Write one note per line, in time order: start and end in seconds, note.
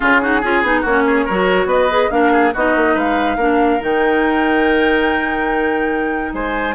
0.00 0.43 C#3
0.00 0.19 C#4
0.00 0.21 F4
0.00 0.83 G#4
0.21 0.42 D#4
0.21 0.40 F#4
0.40 0.62 C#4
0.40 0.64 F4
0.40 0.81 G#4
0.62 0.83 B3
0.62 0.85 D#4
0.81 1.27 A#3
0.81 1.02 F#4
0.81 1.69 C#5
0.87 1.29 C#4
1.06 1.25 G#4
1.25 1.65 F#3
1.25 1.90 F#4
1.25 1.67 A#4
1.65 2.07 B3
1.65 2.10 B4
1.65 2.10 D#5
1.90 2.10 G#4
2.10 2.53 A#3
2.10 2.52 D4
2.10 2.32 A#4
2.10 2.53 F5
2.32 2.53 G#4
2.53 2.76 B3
2.53 3.39 D#4
2.53 2.94 F#4
2.53 2.98 D#5
2.76 2.95 A#3
2.94 3.36 G#3
2.94 3.36 B4
2.94 3.82 F5
3.36 3.79 A#3
3.36 3.79 D4
3.36 6.32 A#4
3.79 6.32 D#3
3.79 6.74 D#4
3.79 6.33 G5
6.32 6.74 G#3
6.32 6.74 C5
6.32 6.74 G#5